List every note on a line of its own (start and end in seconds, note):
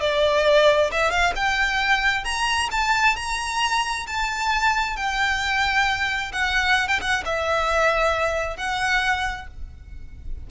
0.00 0.90 D5
0.91 1.10 E5
1.10 1.33 F5
1.35 2.24 G5
2.24 2.69 A#5
2.71 3.16 A5
3.16 4.06 A#5
4.06 4.96 A5
4.96 6.31 G5
6.32 6.88 F#5
6.88 6.99 G5
7.01 7.23 F#5
7.25 8.56 E5
8.56 9.47 F#5